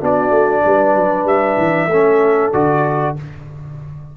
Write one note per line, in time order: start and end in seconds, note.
0.00 0.30 B3
0.00 1.90 D4
0.00 0.63 F#4
0.00 1.27 D5
0.30 0.62 A3
0.65 0.94 G3
0.65 1.90 B4
0.94 1.25 F#3
1.25 1.56 G3
1.25 2.52 E5
1.57 1.88 E3
1.88 2.51 A3
1.88 2.53 C#4
1.88 3.16 A4
2.52 3.17 D3
2.52 3.16 F#4
2.52 3.16 D5